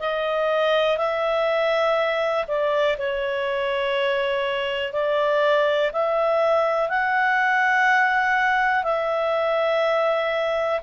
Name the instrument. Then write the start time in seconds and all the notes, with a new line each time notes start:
clarinet
0.00 D#5
0.98 E5
2.48 D5
2.98 C#5
4.93 D5
5.93 E5
6.89 F#5
8.84 E5